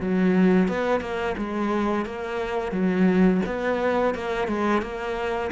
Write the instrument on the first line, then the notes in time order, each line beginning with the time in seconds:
cello
0.00 F#3
0.68 B3
1.01 A#3
1.37 G#3
2.05 A#3
2.72 F#3
3.46 B3
4.14 A#3
4.48 G#3
4.82 A#3